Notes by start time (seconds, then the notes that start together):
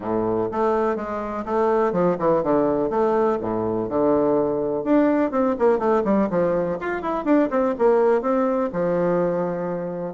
0.00 A2
0.51 A3
0.96 G#3
1.45 A3
1.92 F3
2.18 E3
2.43 D3
2.89 A3
3.40 A2
3.89 D3
4.84 D4
5.31 C4
5.59 A#3
5.78 A3
6.04 G3
6.29 F3
6.80 F4
7.02 E4
7.24 D4
7.50 C4
7.78 A#3
8.21 C4
8.73 F3